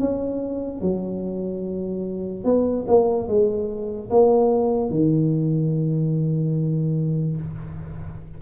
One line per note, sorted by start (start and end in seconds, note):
0.00 0.82 C#4
0.82 2.45 F#3
2.45 2.86 B3
2.88 3.28 A#3
3.28 4.10 G#3
4.11 4.90 A#3
4.90 7.37 D#3